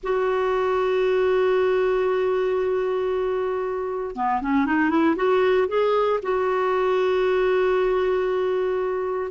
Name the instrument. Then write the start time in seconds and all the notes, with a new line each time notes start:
clarinet
0.03 F#4
4.15 B3
4.41 C#4
4.66 D#4
4.89 E4
5.16 F#4
5.68 G#4
6.22 F#4